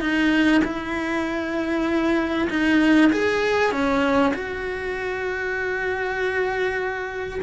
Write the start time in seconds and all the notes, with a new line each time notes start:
0.00 D#4
0.64 E4
2.50 D#4
3.12 G#4
3.71 C#4
4.34 F#4